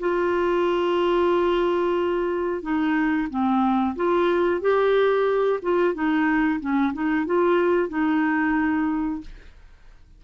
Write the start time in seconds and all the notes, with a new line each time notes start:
0.00 F4
2.63 D#4
3.30 C4
3.96 F4
4.61 G4
5.63 F4
5.94 D#4
6.61 C#4
6.94 D#4
7.26 F4
7.89 D#4